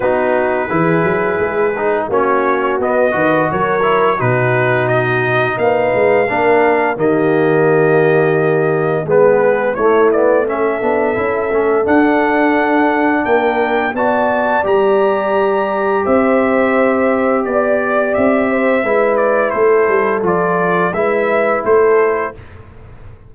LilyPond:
<<
  \new Staff \with { instrumentName = "trumpet" } { \time 4/4 \tempo 4 = 86 b'2. cis''4 | dis''4 cis''4 b'4 dis''4 | f''2 dis''2~ | dis''4 b'4 cis''8 d''8 e''4~ |
e''4 fis''2 g''4 | a''4 ais''2 e''4~ | e''4 d''4 e''4. d''8 | c''4 d''4 e''4 c''4 | }
  \new Staff \with { instrumentName = "horn" } { \time 4/4 fis'4 gis'2 fis'4~ | fis'8 b'8 ais'4 fis'2 | b'4 ais'4 g'2~ | g'4 gis'4 e'4 a'4~ |
a'2. ais'4 | d''2. c''4~ | c''4 d''4. c''8 b'4 | a'2 b'4 a'4 | }
  \new Staff \with { instrumentName = "trombone" } { \time 4/4 dis'4 e'4. dis'8 cis'4 | b8 fis'4 e'8 dis'2~ | dis'4 d'4 ais2~ | ais4 b4 a8 b8 cis'8 d'8 |
e'8 cis'8 d'2. | fis'4 g'2.~ | g'2. e'4~ | e'4 f'4 e'2 | }
  \new Staff \with { instrumentName = "tuba" } { \time 4/4 b4 e8 fis8 gis4 ais4 | b8 dis8 fis4 b,2 | ais8 gis8 ais4 dis2~ | dis4 gis4 a4. b8 |
cis'8 a8 d'2 ais4 | b4 g2 c'4~ | c'4 b4 c'4 gis4 | a8 g8 f4 gis4 a4 | }
>>